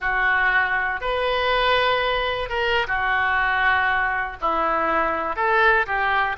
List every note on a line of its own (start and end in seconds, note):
0.00 1.00 F#4
1.00 2.49 B4
2.49 2.86 A#4
2.87 4.37 F#4
4.41 5.36 E4
5.36 5.86 A4
5.86 6.36 G4